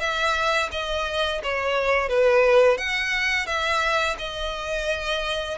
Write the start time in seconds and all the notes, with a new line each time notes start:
0.00 E5
0.72 D#5
1.43 C#5
2.09 B4
2.77 F#5
3.47 E5
4.19 D#5